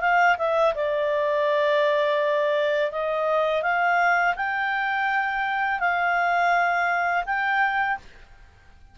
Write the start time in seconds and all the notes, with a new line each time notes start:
0.00 F5
0.38 E5
0.75 D5
2.91 D#5
3.62 F5
4.36 G5
5.79 F5
7.26 G5